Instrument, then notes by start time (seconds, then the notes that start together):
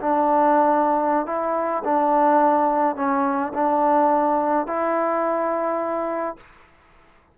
trombone
0.00 D4
1.26 E4
1.84 D4
2.96 C#4
3.54 D4
4.67 E4